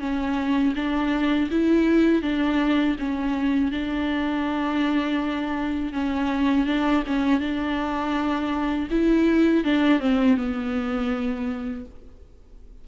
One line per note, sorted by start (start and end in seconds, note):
0.00 0.74 C#4
0.75 1.49 D4
1.51 2.22 E4
2.22 2.96 D4
2.99 3.71 C#4
3.71 5.93 D4
5.93 6.66 C#4
6.66 7.03 D4
7.06 7.40 C#4
7.40 8.88 D4
8.91 9.64 E4
9.64 10.00 D4
10.00 10.37 C4
10.37 11.85 B3